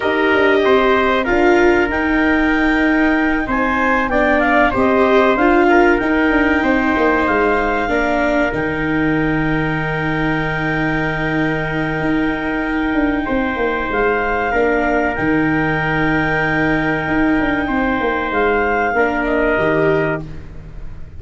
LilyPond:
<<
  \new Staff \with { instrumentName = "clarinet" } { \time 4/4 \tempo 4 = 95 dis''2 f''4 g''4~ | g''4. gis''4 g''8 f''8 dis''8~ | dis''8 f''4 g''2 f''8~ | f''4. g''2~ g''8~ |
g''1~ | g''2 f''2 | g''1~ | g''4 f''4. dis''4. | }
  \new Staff \with { instrumentName = "trumpet" } { \time 4/4 ais'4 c''4 ais'2~ | ais'4. c''4 d''4 c''8~ | c''4 ais'4. c''4.~ | c''8 ais'2.~ ais'8~ |
ais'1~ | ais'4 c''2 ais'4~ | ais'1 | c''2 ais'2 | }
  \new Staff \with { instrumentName = "viola" } { \time 4/4 g'2 f'4 dis'4~ | dis'2~ dis'8 d'4 g'8~ | g'8 f'4 dis'2~ dis'8~ | dis'8 d'4 dis'2~ dis'8~ |
dis'1~ | dis'2. d'4 | dis'1~ | dis'2 d'4 g'4 | }
  \new Staff \with { instrumentName = "tuba" } { \time 4/4 dis'8 d'8 c'4 d'4 dis'4~ | dis'4. c'4 b4 c'8~ | c'8 d'4 dis'8 d'8 c'8 ais8 gis8~ | gis8 ais4 dis2~ dis8~ |
dis2. dis'4~ | dis'8 d'8 c'8 ais8 gis4 ais4 | dis2. dis'8 d'8 | c'8 ais8 gis4 ais4 dis4 | }
>>